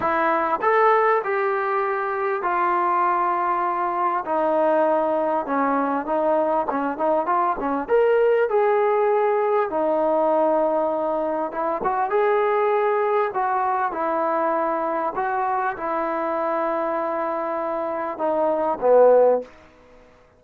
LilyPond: \new Staff \with { instrumentName = "trombone" } { \time 4/4 \tempo 4 = 99 e'4 a'4 g'2 | f'2. dis'4~ | dis'4 cis'4 dis'4 cis'8 dis'8 | f'8 cis'8 ais'4 gis'2 |
dis'2. e'8 fis'8 | gis'2 fis'4 e'4~ | e'4 fis'4 e'2~ | e'2 dis'4 b4 | }